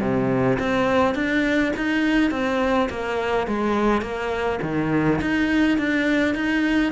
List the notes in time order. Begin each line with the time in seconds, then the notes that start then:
0.00 C3
0.59 C4
1.14 D4
1.76 D#4
2.31 C4
2.89 A#3
3.47 G#3
4.01 A#3
4.62 D#3
5.21 D#4
5.78 D4
6.34 D#4